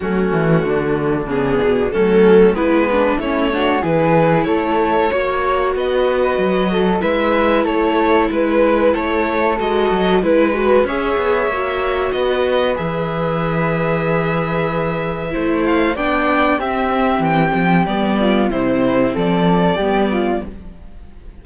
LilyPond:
<<
  \new Staff \with { instrumentName = "violin" } { \time 4/4 \tempo 4 = 94 fis'2 gis'4 a'4 | b'4 cis''4 b'4 cis''4~ | cis''4 dis''2 e''4 | cis''4 b'4 cis''4 dis''4 |
b'4 e''2 dis''4 | e''1~ | e''8 f''8 g''4 e''4 g''4 | d''4 c''4 d''2 | }
  \new Staff \with { instrumentName = "flute" } { \time 4/4 cis'4 d'2 cis'4 | b4 e'8 fis'8 gis'4 a'4 | cis''4 b'4. a'8 b'4 | a'4 b'4 a'2 |
b'4 cis''2 b'4~ | b'1 | c''4 d''4 g'2~ | g'8 f'8 e'4 a'4 g'8 f'8 | }
  \new Staff \with { instrumentName = "viola" } { \time 4/4 a2 b4 a4 | e'8 d'8 cis'8 d'8 e'2 | fis'2. e'4~ | e'2. fis'4 |
e'8 fis'8 gis'4 fis'2 | gis'1 | e'4 d'4 c'2 | b4 c'2 b4 | }
  \new Staff \with { instrumentName = "cello" } { \time 4/4 fis8 e8 d4 cis8 b,8 fis4 | gis4 a4 e4 a4 | ais4 b4 fis4 gis4 | a4 gis4 a4 gis8 fis8 |
gis4 cis'8 b8 ais4 b4 | e1 | a4 b4 c'4 e8 f8 | g4 c4 f4 g4 | }
>>